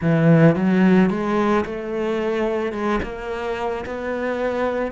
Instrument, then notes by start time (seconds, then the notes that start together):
cello
0.01 E3
0.55 F#3
1.10 G#3
1.65 A3
2.72 G#3
3.02 A#3
3.85 B3